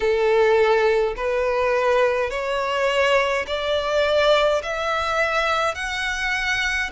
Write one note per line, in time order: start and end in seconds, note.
0.00 1.14 A4
1.16 2.30 B4
2.30 3.45 C#5
3.46 4.62 D5
4.62 5.74 E5
5.74 6.90 F#5